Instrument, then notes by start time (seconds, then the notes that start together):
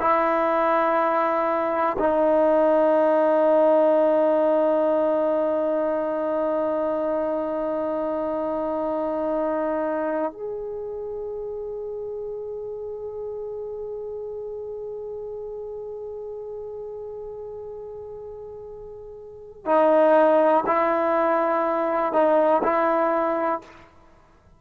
trombone
0.00 E4
1.99 D#4
10.32 G#4
19.65 D#4
20.66 E4
22.13 D#4
22.63 E4